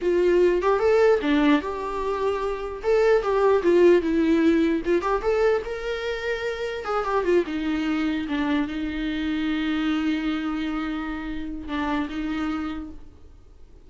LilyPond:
\new Staff \with { instrumentName = "viola" } { \time 4/4 \tempo 4 = 149 f'4. g'8 a'4 d'4 | g'2. a'4 | g'4 f'4 e'2 | f'8 g'8 a'4 ais'2~ |
ais'4 gis'8 g'8 f'8 dis'4.~ | dis'8 d'4 dis'2~ dis'8~ | dis'1~ | dis'4 d'4 dis'2 | }